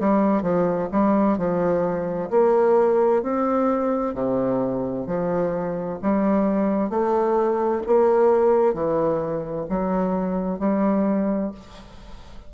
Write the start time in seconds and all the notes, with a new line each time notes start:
0.00 G3
0.42 F3
0.92 G3
1.38 F3
2.30 A#3
3.23 C4
4.15 C3
5.07 F3
6.02 G3
6.90 A3
7.87 A#3
8.74 E3
9.69 F#3
10.59 G3